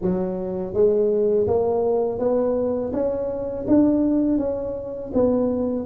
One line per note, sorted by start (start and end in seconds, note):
0.01 0.73 F#3
0.73 1.46 G#3
1.47 2.19 A#3
2.19 2.92 B3
2.92 3.66 C#4
3.67 4.37 D4
4.37 5.11 C#4
5.13 5.85 B3